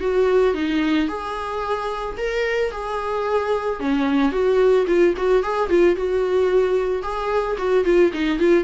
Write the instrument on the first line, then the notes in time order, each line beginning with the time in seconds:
viola
0.00 F#4
0.54 D#4
1.08 G#4
2.17 A#4
2.71 G#4
3.80 C#4
4.32 F#4
4.87 F4
5.17 F#4
5.43 G#4
5.70 F4
5.96 F#4
7.02 G#4
7.58 F#4
7.85 F4
8.13 D#4
8.39 F4